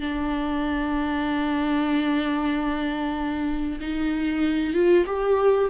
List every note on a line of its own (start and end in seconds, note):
0.00 3.79 D4
3.80 4.73 D#4
4.73 5.05 F4
5.06 5.69 G4